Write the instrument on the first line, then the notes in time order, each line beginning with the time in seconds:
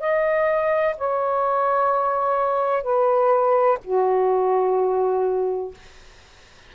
saxophone
0.00 D#5
0.97 C#5
2.83 B4
3.84 F#4